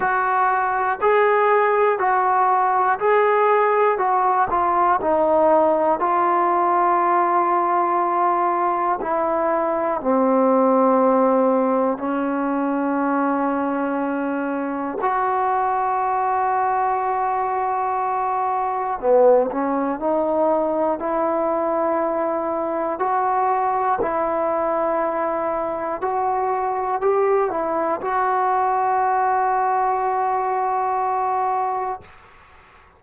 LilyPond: \new Staff \with { instrumentName = "trombone" } { \time 4/4 \tempo 4 = 60 fis'4 gis'4 fis'4 gis'4 | fis'8 f'8 dis'4 f'2~ | f'4 e'4 c'2 | cis'2. fis'4~ |
fis'2. b8 cis'8 | dis'4 e'2 fis'4 | e'2 fis'4 g'8 e'8 | fis'1 | }